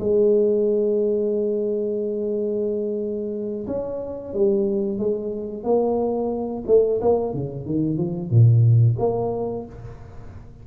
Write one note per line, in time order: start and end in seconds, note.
0.00 3.67 G#3
3.67 4.34 C#4
4.34 4.98 G3
4.98 5.64 G#3
5.64 6.64 A#3
6.67 7.00 A3
7.01 7.34 A#3
7.34 7.66 C#3
7.66 7.98 D#3
7.98 8.30 F3
8.30 8.97 A#2
8.99 9.66 A#3